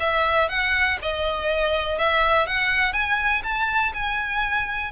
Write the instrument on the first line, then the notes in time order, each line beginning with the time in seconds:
violin
0.00 E5
0.49 F#5
1.02 D#5
1.98 E5
2.47 F#5
2.93 G#5
3.43 A5
3.94 G#5